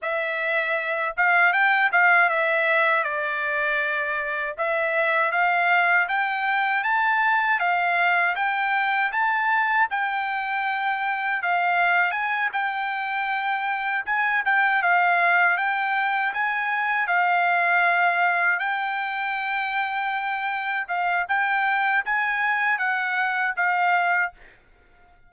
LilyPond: \new Staff \with { instrumentName = "trumpet" } { \time 4/4 \tempo 4 = 79 e''4. f''8 g''8 f''8 e''4 | d''2 e''4 f''4 | g''4 a''4 f''4 g''4 | a''4 g''2 f''4 |
gis''8 g''2 gis''8 g''8 f''8~ | f''8 g''4 gis''4 f''4.~ | f''8 g''2. f''8 | g''4 gis''4 fis''4 f''4 | }